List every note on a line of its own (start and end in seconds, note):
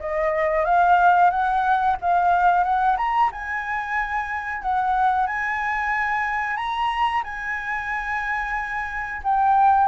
0.00 0.65 D#5
0.65 1.31 F5
1.31 1.97 F#5
2.02 2.64 F5
2.64 2.97 F#5
2.98 3.31 A#5
3.32 4.62 G#5
4.62 5.27 F#5
5.27 6.57 G#5
6.57 7.23 A#5
7.24 9.22 G#5
9.24 9.88 G5